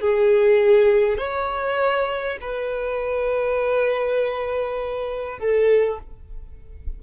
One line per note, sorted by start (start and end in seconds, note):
0.00 1.17 G#4
1.17 2.37 C#5
2.41 5.39 B4
5.39 5.99 A4